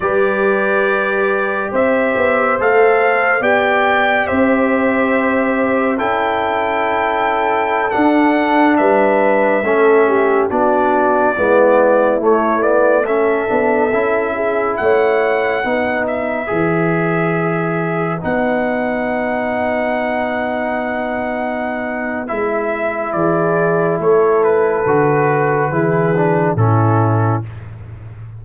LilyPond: <<
  \new Staff \with { instrumentName = "trumpet" } { \time 4/4 \tempo 4 = 70 d''2 e''4 f''4 | g''4 e''2 g''4~ | g''4~ g''16 fis''4 e''4.~ e''16~ | e''16 d''2 cis''8 d''8 e''8.~ |
e''4~ e''16 fis''4. e''4~ e''16~ | e''4~ e''16 fis''2~ fis''8.~ | fis''2 e''4 d''4 | cis''8 b'2~ b'8 a'4 | }
  \new Staff \with { instrumentName = "horn" } { \time 4/4 b'2 c''2 | d''4 c''2 a'4~ | a'2~ a'16 b'4 a'8 g'16~ | g'16 fis'4 e'2 a'8.~ |
a'8. gis'8 cis''4 b'4.~ b'16~ | b'1~ | b'2. gis'4 | a'2 gis'4 e'4 | }
  \new Staff \with { instrumentName = "trombone" } { \time 4/4 g'2. a'4 | g'2. e'4~ | e'4~ e'16 d'2 cis'8.~ | cis'16 d'4 b4 a8 b8 cis'8 d'16~ |
d'16 e'2 dis'4 gis'8.~ | gis'4~ gis'16 dis'2~ dis'8.~ | dis'2 e'2~ | e'4 fis'4 e'8 d'8 cis'4 | }
  \new Staff \with { instrumentName = "tuba" } { \time 4/4 g2 c'8 b8 a4 | b4 c'2 cis'4~ | cis'4~ cis'16 d'4 g4 a8.~ | a16 b4 gis4 a4. b16~ |
b16 cis'4 a4 b4 e8.~ | e4~ e16 b2~ b8.~ | b2 gis4 e4 | a4 d4 e4 a,4 | }
>>